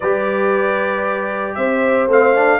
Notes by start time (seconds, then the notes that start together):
0.00 G3 G4 B4 D5
1.54 C4 C5 E5
2.07 A3 C4 F5
2.34 D4